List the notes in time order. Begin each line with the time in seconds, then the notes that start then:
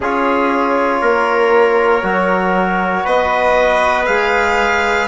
0.00 C#4 F4 G#4 C#5
1.01 A#3 A#4
2.02 F#3 F#4
3.04 B3 B4 D#5
4.06 G#3 G#4 F5